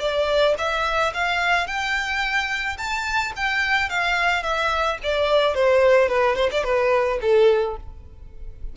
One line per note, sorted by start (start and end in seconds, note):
0.00 0.55 D5
0.58 1.13 E5
1.14 1.67 F5
1.67 2.77 G5
2.78 3.33 A5
3.36 3.90 G5
3.90 4.43 F5
4.43 4.98 E5
5.03 5.54 D5
5.54 6.09 C5
6.09 6.36 B4
6.36 6.50 C5
6.51 6.64 D5
6.64 7.19 B4
7.21 7.76 A4